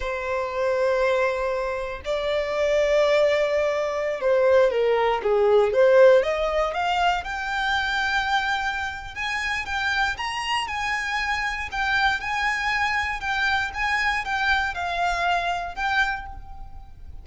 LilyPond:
\new Staff \with { instrumentName = "violin" } { \time 4/4 \tempo 4 = 118 c''1 | d''1~ | d''16 c''4 ais'4 gis'4 c''8.~ | c''16 dis''4 f''4 g''4.~ g''16~ |
g''2 gis''4 g''4 | ais''4 gis''2 g''4 | gis''2 g''4 gis''4 | g''4 f''2 g''4 | }